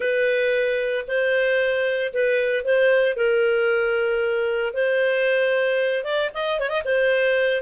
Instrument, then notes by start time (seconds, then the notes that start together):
clarinet
0.00 B4
1.07 C5
2.13 B4
2.64 C5
3.16 A#4
4.73 C5
6.04 D5
6.33 D#5
6.59 C#5
6.69 D#5
6.84 C5